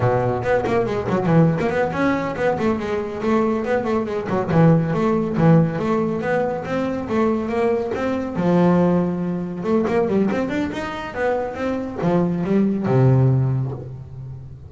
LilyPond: \new Staff \with { instrumentName = "double bass" } { \time 4/4 \tempo 4 = 140 b,4 b8 ais8 gis8 fis8 e8. ais16 | b8 cis'4 b8 a8 gis4 a8~ | a8 b8 a8 gis8 fis8 e4 a8~ | a8 e4 a4 b4 c'8~ |
c'8 a4 ais4 c'4 f8~ | f2~ f8 a8 ais8 g8 | c'8 d'8 dis'4 b4 c'4 | f4 g4 c2 | }